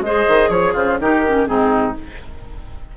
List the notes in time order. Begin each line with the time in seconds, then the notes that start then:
0.00 G#3 G#4 C5 D#5
0.28 D#3
0.49 F3 C#5
0.73 C#3 F4 C5
0.99 D#3 D#4 G4 A#4
1.27 C#4
1.45 G#2 C4 D#4 G#4